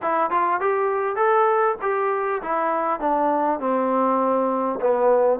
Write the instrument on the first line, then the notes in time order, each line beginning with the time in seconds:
trombone
0.02 E4
0.30 F4
0.60 G4
1.16 A4
1.81 G4
2.42 E4
3.00 D4
3.59 C4
4.81 B3